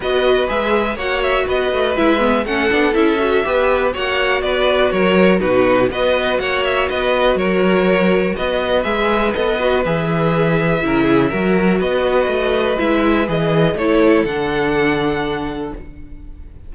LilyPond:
<<
  \new Staff \with { instrumentName = "violin" } { \time 4/4 \tempo 4 = 122 dis''4 e''4 fis''8 e''8 dis''4 | e''4 fis''4 e''2 | fis''4 d''4 cis''4 b'4 | dis''4 fis''8 e''8 dis''4 cis''4~ |
cis''4 dis''4 e''4 dis''4 | e''1 | dis''2 e''4 dis''4 | cis''4 fis''2. | }
  \new Staff \with { instrumentName = "violin" } { \time 4/4 b'2 cis''4 b'4~ | b'4 a'2 b'4 | cis''4 b'4 ais'4 fis'4 | b'4 cis''4 b'4 ais'4~ |
ais'4 b'2.~ | b'2 ais'8 gis'8 ais'4 | b'1 | a'1 | }
  \new Staff \with { instrumentName = "viola" } { \time 4/4 fis'4 gis'4 fis'2 | e'8 b8 cis'8 d'8 e'8 fis'8 g'4 | fis'2. dis'4 | fis'1~ |
fis'2 gis'4 a'8 fis'8 | gis'2 e'4 fis'4~ | fis'2 e'4 gis'4 | e'4 d'2. | }
  \new Staff \with { instrumentName = "cello" } { \time 4/4 b4 gis4 ais4 b8 a8 | gis4 a8 b8 cis'4 b4 | ais4 b4 fis4 b,4 | b4 ais4 b4 fis4~ |
fis4 b4 gis4 b4 | e2 cis4 fis4 | b4 a4 gis4 e4 | a4 d2. | }
>>